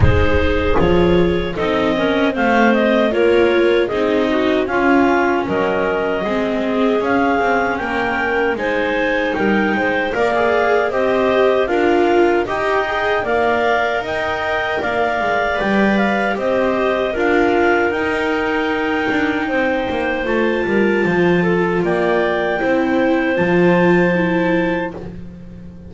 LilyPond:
<<
  \new Staff \with { instrumentName = "clarinet" } { \time 4/4 \tempo 4 = 77 c''4 cis''4 dis''4 f''8 dis''8 | cis''4 dis''4 f''4 dis''4~ | dis''4 f''4 g''4 gis''4 | g''4 f''4 dis''4 f''4 |
g''4 f''4 g''4 f''4 | g''8 f''8 dis''4 f''4 g''4~ | g''2 a''2 | g''2 a''2 | }
  \new Staff \with { instrumentName = "clarinet" } { \time 4/4 gis'2 a'8 ais'8 c''4 | ais'4 gis'8 fis'8 f'4 ais'4 | gis'2 ais'4 c''4 | ais'8 c''8 d''4 c''4 ais'4 |
dis''4 d''4 dis''4 d''4~ | d''4 c''4 ais'2~ | ais'4 c''4. ais'8 c''8 a'8 | d''4 c''2. | }
  \new Staff \with { instrumentName = "viola" } { \time 4/4 dis'4 f'4 dis'8 cis'8 c'4 | f'4 dis'4 cis'2 | c'4 cis'2 dis'4~ | dis'4 ais'16 gis'8. g'4 f'4 |
g'8 gis'8 ais'2. | b'4 g'4 f'4 dis'4~ | dis'2 f'2~ | f'4 e'4 f'4 e'4 | }
  \new Staff \with { instrumentName = "double bass" } { \time 4/4 gis4 f4 c'4 a4 | ais4 c'4 cis'4 fis4 | gis4 cis'8 c'8 ais4 gis4 | g8 gis8 ais4 c'4 d'4 |
dis'4 ais4 dis'4 ais8 gis8 | g4 c'4 d'4 dis'4~ | dis'8 d'8 c'8 ais8 a8 g8 f4 | ais4 c'4 f2 | }
>>